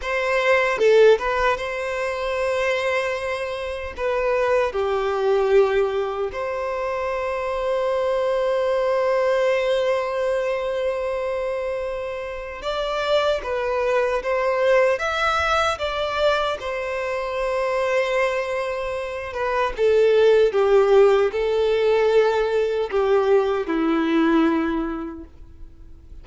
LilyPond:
\new Staff \with { instrumentName = "violin" } { \time 4/4 \tempo 4 = 76 c''4 a'8 b'8 c''2~ | c''4 b'4 g'2 | c''1~ | c''1 |
d''4 b'4 c''4 e''4 | d''4 c''2.~ | c''8 b'8 a'4 g'4 a'4~ | a'4 g'4 e'2 | }